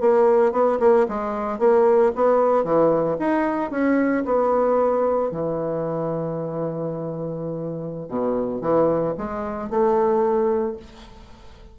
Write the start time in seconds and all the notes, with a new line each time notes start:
0.00 A#3
0.52 B3
0.79 A#3
1.08 G#3
1.59 A#3
2.15 B3
2.64 E3
3.19 D#4
3.71 C#4
4.25 B3
5.31 E3
8.09 B2
8.61 E3
9.17 G#3
9.70 A3